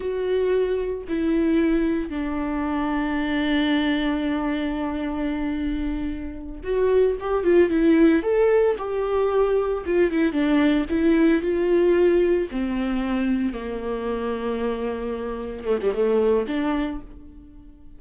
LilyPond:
\new Staff \with { instrumentName = "viola" } { \time 4/4 \tempo 4 = 113 fis'2 e'2 | d'1~ | d'1~ | d'8 fis'4 g'8 f'8 e'4 a'8~ |
a'8 g'2 f'8 e'8 d'8~ | d'8 e'4 f'2 c'8~ | c'4. ais2~ ais8~ | ais4. a16 g16 a4 d'4 | }